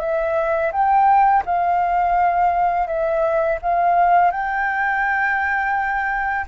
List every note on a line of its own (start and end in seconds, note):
0.00 0.71 E5
0.72 1.43 G5
1.46 2.87 F5
2.87 3.58 E5
3.62 4.31 F5
4.31 6.45 G5